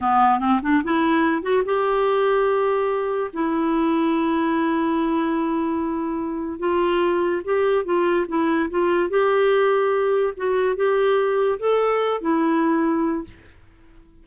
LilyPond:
\new Staff \with { instrumentName = "clarinet" } { \time 4/4 \tempo 4 = 145 b4 c'8 d'8 e'4. fis'8 | g'1 | e'1~ | e'1 |
f'2 g'4 f'4 | e'4 f'4 g'2~ | g'4 fis'4 g'2 | a'4. e'2~ e'8 | }